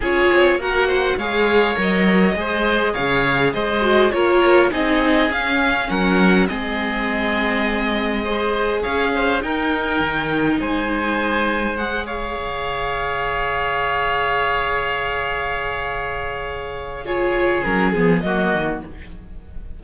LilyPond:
<<
  \new Staff \with { instrumentName = "violin" } { \time 4/4 \tempo 4 = 102 cis''4 fis''4 f''4 dis''4~ | dis''4 f''4 dis''4 cis''4 | dis''4 f''4 fis''4 dis''4~ | dis''2. f''4 |
g''2 gis''2 | fis''8 f''2.~ f''8~ | f''1~ | f''4 cis''4 ais'8 gis'8 dis''4 | }
  \new Staff \with { instrumentName = "oboe" } { \time 4/4 gis'4 ais'8 c''8 cis''2 | c''4 cis''4 c''4 ais'4 | gis'2 ais'4 gis'4~ | gis'2 c''4 cis''8 c''8 |
ais'2 c''2~ | c''8 cis''2.~ cis''8~ | cis''1~ | cis''4 gis'2 fis'4 | }
  \new Staff \with { instrumentName = "viola" } { \time 4/4 f'4 fis'4 gis'4 ais'4 | gis'2~ gis'8 fis'8 f'4 | dis'4 cis'2 c'4~ | c'2 gis'2 |
dis'1 | gis'1~ | gis'1~ | gis'4 f'4 cis'8 b8 ais4 | }
  \new Staff \with { instrumentName = "cello" } { \time 4/4 cis'8 c'8 ais4 gis4 fis4 | gis4 cis4 gis4 ais4 | c'4 cis'4 fis4 gis4~ | gis2. cis'4 |
dis'4 dis4 gis2~ | gis4 cis2.~ | cis1~ | cis2 fis8 f8 fis8 dis8 | }
>>